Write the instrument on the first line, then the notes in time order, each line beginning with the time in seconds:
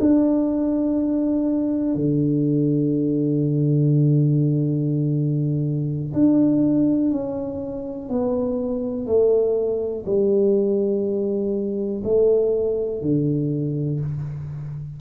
tuba
0.00 D4
1.94 D3
6.13 D4
7.11 C#4
8.09 B3
9.06 A3
10.06 G3
12.04 A3
13.01 D3